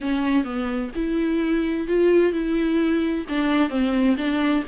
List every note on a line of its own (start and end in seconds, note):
0.01 0.44 C#4
0.44 0.90 B3
0.95 1.87 E4
1.87 2.32 F4
2.32 3.25 E4
3.28 3.69 D4
3.69 4.16 C4
4.17 4.63 D4